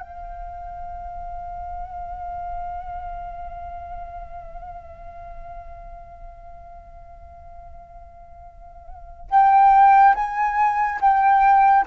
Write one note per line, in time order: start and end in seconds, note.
0.00 9.30 F5
9.30 10.14 G5
10.15 10.99 G#5
11.01 11.85 G5